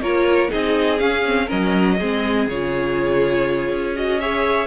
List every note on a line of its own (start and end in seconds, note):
0.00 0.49 A#3
0.00 0.49 F4
0.00 0.51 A#4
0.00 0.51 C#5
0.49 1.01 C4
0.49 0.98 D#4
0.49 1.47 G#4
0.49 0.99 D#5
0.99 1.25 C#4
0.99 1.50 C#4
0.99 1.49 F5
1.26 1.48 C4
1.47 2.01 F#3
1.47 1.97 C#4
1.47 1.96 A#4
1.47 2.49 D#5
1.99 2.47 G#3
1.99 2.50 C4
1.99 4.20 G#4
2.47 3.70 C#3
2.47 3.96 F4
2.47 3.97 C#5
3.70 4.68 C#4
3.96 4.20 F#4
3.96 4.20 D#5
4.20 4.68 G#4
4.20 4.68 C#5
4.20 4.68 E5